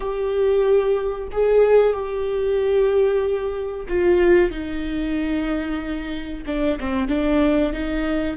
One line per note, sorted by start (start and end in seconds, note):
0.00 1.28 G4
1.31 1.93 G#4
1.93 3.87 G4
3.88 4.50 F4
4.50 6.44 D#4
6.46 6.78 D4
6.79 7.08 C4
7.08 7.72 D4
7.72 8.37 D#4